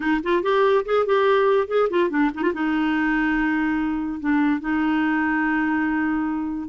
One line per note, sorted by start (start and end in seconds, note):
0.00 0.21 D#4
0.23 0.43 F4
0.43 0.84 G4
0.85 1.06 G#4
1.06 1.67 G4
1.67 1.88 G#4
1.90 2.10 F4
2.10 2.31 D4
2.34 2.42 D#4
2.42 2.53 F4
2.53 4.19 D#4
4.19 4.60 D4
4.60 6.68 D#4